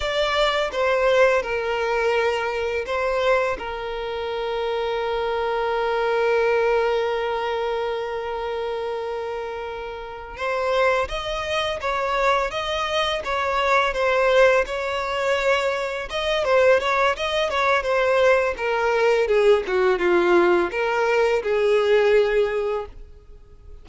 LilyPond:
\new Staff \with { instrumentName = "violin" } { \time 4/4 \tempo 4 = 84 d''4 c''4 ais'2 | c''4 ais'2.~ | ais'1~ | ais'2~ ais'8 c''4 dis''8~ |
dis''8 cis''4 dis''4 cis''4 c''8~ | c''8 cis''2 dis''8 c''8 cis''8 | dis''8 cis''8 c''4 ais'4 gis'8 fis'8 | f'4 ais'4 gis'2 | }